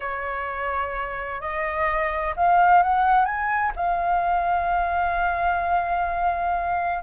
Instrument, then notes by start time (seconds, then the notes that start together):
flute
0.00 C#5
1.40 D#5
2.36 F5
2.82 F#5
3.25 G#5
3.75 F5